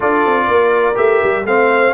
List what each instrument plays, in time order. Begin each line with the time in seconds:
0.00 tuba D4, trombone F4, horn A4, trumpet D5
0.26 tuba C4
0.47 tuba A#3, horn A#4
0.94 tuba A3, trombone G4, trumpet E5
1.23 tuba G3
1.45 tuba A3, trombone C4, horn C5, trumpet F5